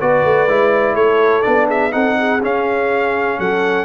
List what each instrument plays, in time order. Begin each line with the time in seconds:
0.00 tuba B3, trombone F#4, horn B4, trumpet D5
0.24 tuba A3
0.48 tuba G#3, trombone E4
0.95 tuba A3, horn A4, trumpet C#5
1.42 tuba B3, trombone D4, trumpet D5
1.67 horn G#4, trumpet E5
1.91 tuba C4, trombone D#4, horn A4, trumpet F#5
2.18 horn G#4
2.42 tuba C#4, trombone C#4, trumpet F5
3.39 tuba F#3, horn A4, trumpet F#5